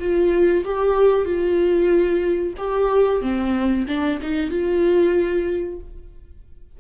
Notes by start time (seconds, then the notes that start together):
0.00 F4
0.65 G4
1.26 F4
2.58 G4
3.22 C4
3.88 D4
4.22 D#4
4.51 F4